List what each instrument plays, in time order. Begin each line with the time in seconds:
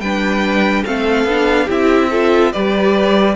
0.00 cello G3, viola D4, violin B4 G5
0.86 cello A3, viola C4, violin A4 F5
1.24 cello B3, viola D4
1.65 cello C4, viola E4, violin G4 E5
2.10 viola F4, violin A4
2.52 cello G3, viola G4, violin B4 D5